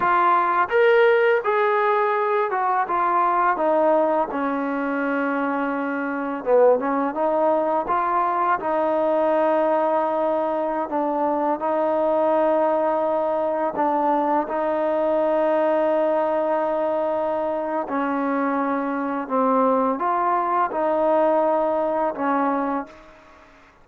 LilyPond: \new Staff \with { instrumentName = "trombone" } { \time 4/4 \tempo 4 = 84 f'4 ais'4 gis'4. fis'8 | f'4 dis'4 cis'2~ | cis'4 b8 cis'8 dis'4 f'4 | dis'2.~ dis'16 d'8.~ |
d'16 dis'2. d'8.~ | d'16 dis'2.~ dis'8.~ | dis'4 cis'2 c'4 | f'4 dis'2 cis'4 | }